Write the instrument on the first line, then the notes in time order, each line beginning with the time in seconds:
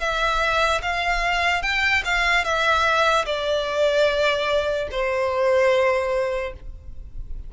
violin
0.00 E5
0.82 F5
1.62 G5
2.05 F5
2.44 E5
3.25 D5
4.91 C5